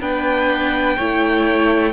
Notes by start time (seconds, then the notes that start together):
0.00 B3 D4 B4 G5
0.96 A3 E4 C#5